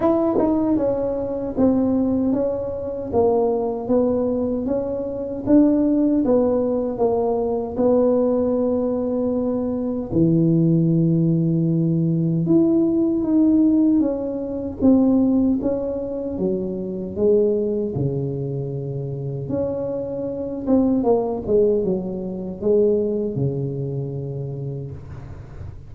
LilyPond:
\new Staff \with { instrumentName = "tuba" } { \time 4/4 \tempo 4 = 77 e'8 dis'8 cis'4 c'4 cis'4 | ais4 b4 cis'4 d'4 | b4 ais4 b2~ | b4 e2. |
e'4 dis'4 cis'4 c'4 | cis'4 fis4 gis4 cis4~ | cis4 cis'4. c'8 ais8 gis8 | fis4 gis4 cis2 | }